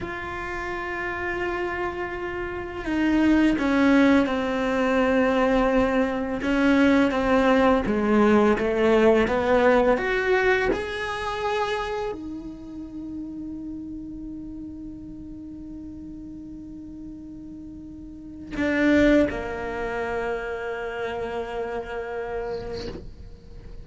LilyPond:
\new Staff \with { instrumentName = "cello" } { \time 4/4 \tempo 4 = 84 f'1 | dis'4 cis'4 c'2~ | c'4 cis'4 c'4 gis4 | a4 b4 fis'4 gis'4~ |
gis'4 dis'2.~ | dis'1~ | dis'2 d'4 ais4~ | ais1 | }